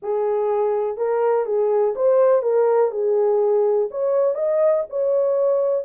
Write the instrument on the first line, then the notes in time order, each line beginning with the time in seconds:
horn
0.02 G#4
0.97 A#4
1.45 G#4
1.95 C5
2.42 A#4
2.91 G#4
3.90 C#5
4.34 D#5
4.89 C#5